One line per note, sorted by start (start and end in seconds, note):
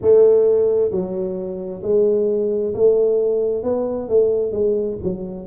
0.01 0.91 A3
0.91 1.82 F#3
1.83 2.74 G#3
2.74 3.63 A3
3.63 4.08 B3
4.09 4.52 A3
4.52 4.97 G#3
5.03 5.47 F#3